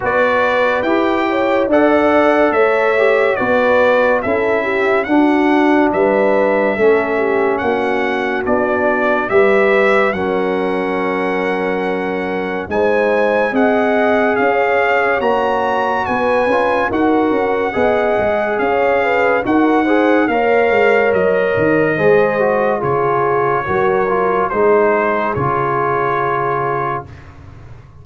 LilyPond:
<<
  \new Staff \with { instrumentName = "trumpet" } { \time 4/4 \tempo 4 = 71 d''4 g''4 fis''4 e''4 | d''4 e''4 fis''4 e''4~ | e''4 fis''4 d''4 e''4 | fis''2. gis''4 |
fis''4 f''4 ais''4 gis''4 | fis''2 f''4 fis''4 | f''4 dis''2 cis''4~ | cis''4 c''4 cis''2 | }
  \new Staff \with { instrumentName = "horn" } { \time 4/4 b'4. cis''8 d''4 cis''4 | b'4 a'8 g'8 fis'4 b'4 | a'8 g'8 fis'2 b'4 | ais'2. c''4 |
dis''4 cis''2 b'4 | ais'4 dis''4 cis''8 b'8 ais'8 c''8 | cis''2 c''4 gis'4 | ais'4 gis'2. | }
  \new Staff \with { instrumentName = "trombone" } { \time 4/4 fis'4 g'4 a'4. g'8 | fis'4 e'4 d'2 | cis'2 d'4 g'4 | cis'2. dis'4 |
gis'2 fis'4. f'8 | fis'4 gis'2 fis'8 gis'8 | ais'2 gis'8 fis'8 f'4 | fis'8 f'8 dis'4 f'2 | }
  \new Staff \with { instrumentName = "tuba" } { \time 4/4 b4 e'4 d'4 a4 | b4 cis'4 d'4 g4 | a4 ais4 b4 g4 | fis2. gis4 |
c'4 cis'4 ais4 b8 cis'8 | dis'8 cis'8 b8 gis8 cis'4 dis'4 | ais8 gis8 fis8 dis8 gis4 cis4 | fis4 gis4 cis2 | }
>>